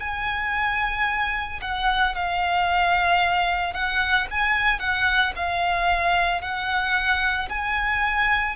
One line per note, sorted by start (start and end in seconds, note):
0.00 1.61 G#5
1.62 2.15 F#5
2.15 3.74 F5
3.74 4.27 F#5
4.31 4.80 G#5
4.80 5.33 F#5
5.36 6.42 F5
6.42 7.49 F#5
7.50 8.57 G#5